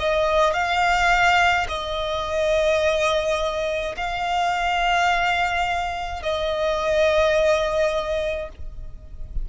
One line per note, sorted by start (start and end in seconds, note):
0.00 0.54 D#5
0.54 1.67 F5
1.69 3.96 D#5
3.97 6.23 F5
6.23 8.50 D#5